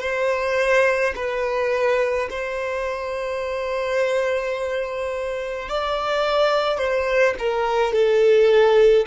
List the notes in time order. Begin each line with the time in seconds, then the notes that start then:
0.00 C5
1.15 B4
2.30 C5
5.69 D5
6.78 C5
7.38 A#4
7.93 A4